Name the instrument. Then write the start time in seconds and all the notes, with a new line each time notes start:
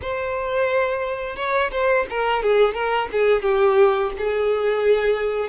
violin
0.01 C5
1.36 C#5
1.71 C5
2.09 A#4
2.43 G#4
2.74 A#4
3.12 G#4
3.42 G4
4.18 G#4